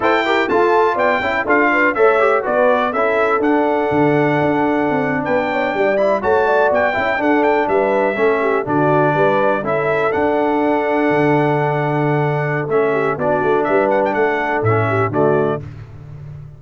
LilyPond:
<<
  \new Staff \with { instrumentName = "trumpet" } { \time 4/4 \tempo 4 = 123 g''4 a''4 g''4 f''4 | e''4 d''4 e''4 fis''4~ | fis''2~ fis''8. g''4~ g''16~ | g''16 b''8 a''4 g''4 fis''8 g''8 e''16~ |
e''4.~ e''16 d''2 e''16~ | e''8. fis''2.~ fis''16~ | fis''2 e''4 d''4 | e''8 fis''16 g''16 fis''4 e''4 d''4 | }
  \new Staff \with { instrumentName = "horn" } { \time 4/4 c''8 ais'8 a'4 d''8 e''8 a'8 b'8 | cis''4 b'4 a'2~ | a'2~ a'8. b'8 cis''8 d''16~ | d''8. cis''8 d''4 e''8 a'4 b'16~ |
b'8. a'8 g'8 fis'4 b'4 a'16~ | a'1~ | a'2~ a'8 g'8 fis'4 | b'4 a'4. g'8 fis'4 | }
  \new Staff \with { instrumentName = "trombone" } { \time 4/4 a'8 g'8 f'4. e'8 f'4 | a'8 g'8 fis'4 e'4 d'4~ | d'1~ | d'16 e'8 fis'4. e'8 d'4~ d'16~ |
d'8. cis'4 d'2 e'16~ | e'8. d'2.~ d'16~ | d'2 cis'4 d'4~ | d'2 cis'4 a4 | }
  \new Staff \with { instrumentName = "tuba" } { \time 4/4 e'4 f'4 b8 cis'8 d'4 | a4 b4 cis'4 d'4 | d4 d'4 c'8. b4 g16~ | g8. a4 b8 cis'8 d'4 g16~ |
g8. a4 d4 g4 cis'16~ | cis'8. d'2 d4~ d16~ | d2 a4 b8 a8 | g4 a4 a,4 d4 | }
>>